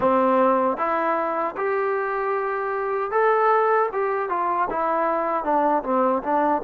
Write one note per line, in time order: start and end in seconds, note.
0.00 0.77 C4
0.77 1.55 E4
1.56 3.11 G4
3.11 3.89 A4
3.92 4.29 G4
4.29 4.68 F4
4.70 5.44 E4
5.44 5.82 D4
5.83 6.22 C4
6.23 6.62 D4